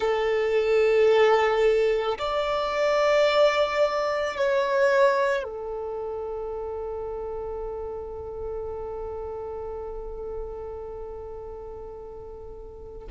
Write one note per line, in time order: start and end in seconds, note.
0.00 2.18 A4
2.18 4.36 D5
4.36 5.43 C#5
5.43 13.07 A4